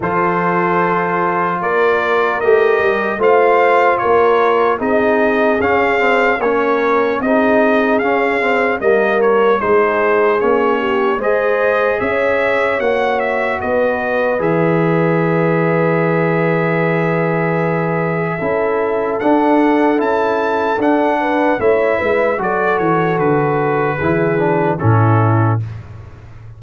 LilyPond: <<
  \new Staff \with { instrumentName = "trumpet" } { \time 4/4 \tempo 4 = 75 c''2 d''4 dis''4 | f''4 cis''4 dis''4 f''4 | cis''4 dis''4 f''4 dis''8 cis''8 | c''4 cis''4 dis''4 e''4 |
fis''8 e''8 dis''4 e''2~ | e''1 | fis''4 a''4 fis''4 e''4 | d''8 cis''8 b'2 a'4 | }
  \new Staff \with { instrumentName = "horn" } { \time 4/4 a'2 ais'2 | c''4 ais'4 gis'2 | ais'4 gis'2 ais'4 | gis'4. g'8 c''4 cis''4~ |
cis''4 b'2.~ | b'2. a'4~ | a'2~ a'8 b'8 cis''8 b'8 | a'2 gis'4 e'4 | }
  \new Staff \with { instrumentName = "trombone" } { \time 4/4 f'2. g'4 | f'2 dis'4 cis'8 c'8 | cis'4 dis'4 cis'8 c'8 ais4 | dis'4 cis'4 gis'2 |
fis'2 gis'2~ | gis'2. e'4 | d'4 e'4 d'4 e'4 | fis'2 e'8 d'8 cis'4 | }
  \new Staff \with { instrumentName = "tuba" } { \time 4/4 f2 ais4 a8 g8 | a4 ais4 c'4 cis'4 | ais4 c'4 cis'4 g4 | gis4 ais4 gis4 cis'4 |
ais4 b4 e2~ | e2. cis'4 | d'4 cis'4 d'4 a8 gis8 | fis8 e8 d4 e4 a,4 | }
>>